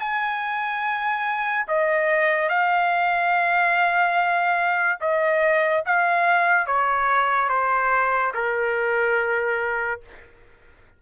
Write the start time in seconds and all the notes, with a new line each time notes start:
0.00 G#5
1.68 D#5
2.49 F5
5.01 D#5
5.86 F5
6.67 C#5
7.50 C5
8.34 A#4